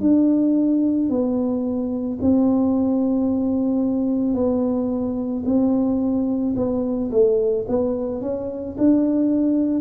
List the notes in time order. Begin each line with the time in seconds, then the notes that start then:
0.00 D4
1.09 B3
2.21 C4
4.34 B3
5.45 C4
6.56 B3
7.11 A3
7.68 B3
8.21 C#4
8.78 D4